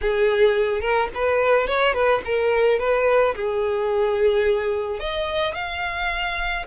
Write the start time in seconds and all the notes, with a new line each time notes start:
0.01 G#4
0.80 A#4
1.14 B4
1.67 C#5
1.93 B4
2.24 A#4
2.79 B4
3.35 G#4
4.99 D#5
5.54 F5